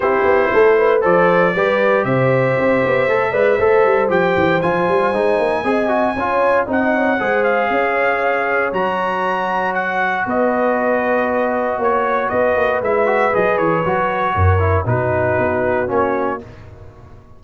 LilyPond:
<<
  \new Staff \with { instrumentName = "trumpet" } { \time 4/4 \tempo 4 = 117 c''2 d''2 | e''1 | g''4 gis''2.~ | gis''4 fis''4. f''4.~ |
f''4 ais''2 fis''4 | dis''2. cis''4 | dis''4 e''4 dis''8 cis''4.~ | cis''4 b'2 cis''4 | }
  \new Staff \with { instrumentName = "horn" } { \time 4/4 g'4 a'8 b'8 c''4 b'4 | c''2~ c''8 d''8 c''4~ | c''2. dis''4 | cis''4 dis''8 cis''8 c''4 cis''4~ |
cis''1 | b'2. cis''4 | b'1 | ais'4 fis'2. | }
  \new Staff \with { instrumentName = "trombone" } { \time 4/4 e'2 a'4 g'4~ | g'2 a'8 b'8 a'4 | g'4 f'4 dis'4 gis'8 fis'8 | f'4 dis'4 gis'2~ |
gis'4 fis'2.~ | fis'1~ | fis'4 e'8 fis'8 gis'4 fis'4~ | fis'8 e'8 dis'2 cis'4 | }
  \new Staff \with { instrumentName = "tuba" } { \time 4/4 c'8 b8 a4 f4 g4 | c4 c'8 b8 a8 gis8 a8 g8 | f8 e8 f8 g8 gis8 ais8 c'4 | cis'4 c'4 gis4 cis'4~ |
cis'4 fis2. | b2. ais4 | b8 ais8 gis4 fis8 e8 fis4 | fis,4 b,4 b4 ais4 | }
>>